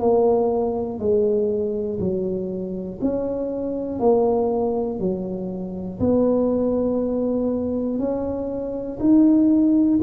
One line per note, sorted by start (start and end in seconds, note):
0.00 0.99 A#3
0.99 1.99 G#3
2.00 3.00 F#3
3.01 4.00 C#4
4.00 5.00 A#3
5.00 6.00 F#3
6.00 7.99 B3
7.99 8.99 C#4
9.00 10.00 D#4